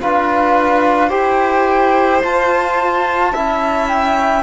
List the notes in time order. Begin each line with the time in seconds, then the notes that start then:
0.00 D4 F4 B4 F5
1.09 E4 G4 C5 G5
2.22 F4 A5
3.33 C#4 E4 E5
3.88 G5